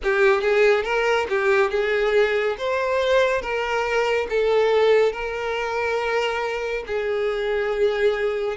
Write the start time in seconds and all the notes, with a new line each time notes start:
0.03 G4
0.41 G#4
0.83 A#4
1.29 G4
1.70 G#4
2.58 C5
3.41 A#4
4.29 A4
5.12 A#4
6.86 G#4